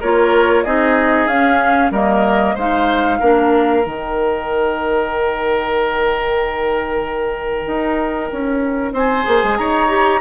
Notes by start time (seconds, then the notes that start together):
0.00 A#3 F4 A#4 C#5
0.64 C4 D#4 G#4 D#5
1.27 C#4 F5
1.91 G3 A#3 A#4 D#5
2.55 G#3 D#4 C5 F5
3.20 A#3 D4 A#4
3.83 D#3 D#4 G5
7.67 D#4
8.32 C#4
8.93 C4 C5 G#5
9.24 A#3 G#4
9.43 G#3
9.58 D#4 C#5 A#5
9.89 G4